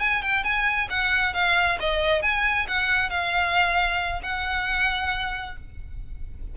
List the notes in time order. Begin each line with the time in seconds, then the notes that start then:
0.00 G#5
0.22 G5
0.44 G#5
0.90 F#5
1.34 F5
1.80 D#5
2.22 G#5
2.68 F#5
3.10 F5
4.23 F#5